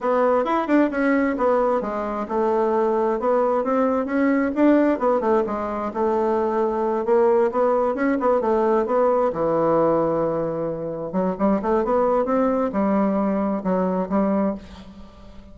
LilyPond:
\new Staff \with { instrumentName = "bassoon" } { \time 4/4 \tempo 4 = 132 b4 e'8 d'8 cis'4 b4 | gis4 a2 b4 | c'4 cis'4 d'4 b8 a8 | gis4 a2~ a8 ais8~ |
ais8 b4 cis'8 b8 a4 b8~ | b8 e2.~ e8~ | e8 fis8 g8 a8 b4 c'4 | g2 fis4 g4 | }